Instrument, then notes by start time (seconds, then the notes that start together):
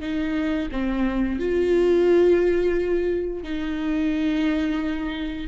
viola
0.00 D#4
0.71 C4
1.39 F4
3.43 D#4